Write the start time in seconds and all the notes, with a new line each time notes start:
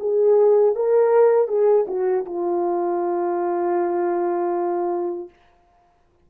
0.00 G#4
0.76 A#4
1.48 G#4
1.87 F#4
2.26 F4